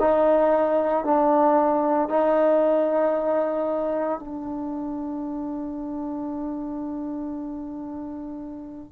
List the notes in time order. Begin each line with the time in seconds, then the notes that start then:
0.00 D#4
1.05 D4
2.10 D#4
4.20 D4